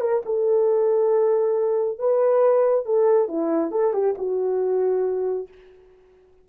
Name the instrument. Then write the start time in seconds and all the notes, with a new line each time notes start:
horn
0.00 A#4
0.25 A4
1.98 B4
2.85 A4
3.28 E4
3.71 A4
3.93 G4
4.17 F#4